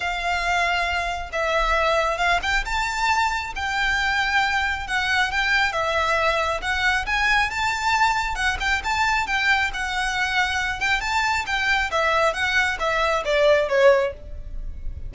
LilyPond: \new Staff \with { instrumentName = "violin" } { \time 4/4 \tempo 4 = 136 f''2. e''4~ | e''4 f''8 g''8 a''2 | g''2. fis''4 | g''4 e''2 fis''4 |
gis''4 a''2 fis''8 g''8 | a''4 g''4 fis''2~ | fis''8 g''8 a''4 g''4 e''4 | fis''4 e''4 d''4 cis''4 | }